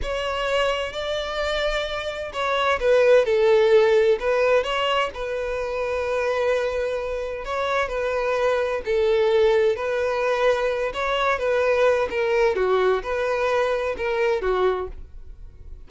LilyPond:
\new Staff \with { instrumentName = "violin" } { \time 4/4 \tempo 4 = 129 cis''2 d''2~ | d''4 cis''4 b'4 a'4~ | a'4 b'4 cis''4 b'4~ | b'1 |
cis''4 b'2 a'4~ | a'4 b'2~ b'8 cis''8~ | cis''8 b'4. ais'4 fis'4 | b'2 ais'4 fis'4 | }